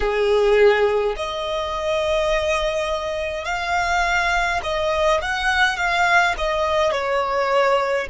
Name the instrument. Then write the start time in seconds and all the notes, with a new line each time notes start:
violin
0.00 G#4
1.16 D#5
3.45 F5
4.63 D#5
5.21 F#5
5.76 F5
6.37 D#5
6.91 C#5